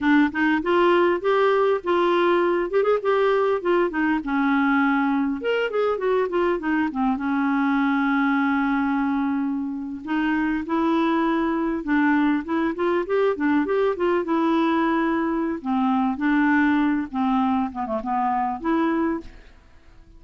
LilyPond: \new Staff \with { instrumentName = "clarinet" } { \time 4/4 \tempo 4 = 100 d'8 dis'8 f'4 g'4 f'4~ | f'8 g'16 gis'16 g'4 f'8 dis'8 cis'4~ | cis'4 ais'8 gis'8 fis'8 f'8 dis'8 c'8 | cis'1~ |
cis'8. dis'4 e'2 d'16~ | d'8. e'8 f'8 g'8 d'8 g'8 f'8 e'16~ | e'2 c'4 d'4~ | d'8 c'4 b16 a16 b4 e'4 | }